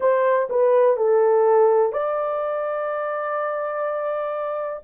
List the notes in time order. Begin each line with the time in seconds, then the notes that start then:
0.00 C5
0.49 B4
0.96 A4
1.92 D5